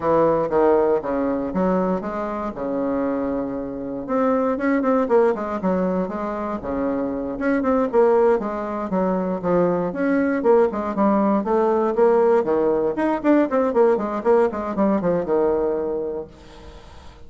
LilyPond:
\new Staff \with { instrumentName = "bassoon" } { \time 4/4 \tempo 4 = 118 e4 dis4 cis4 fis4 | gis4 cis2. | c'4 cis'8 c'8 ais8 gis8 fis4 | gis4 cis4. cis'8 c'8 ais8~ |
ais8 gis4 fis4 f4 cis'8~ | cis'8 ais8 gis8 g4 a4 ais8~ | ais8 dis4 dis'8 d'8 c'8 ais8 gis8 | ais8 gis8 g8 f8 dis2 | }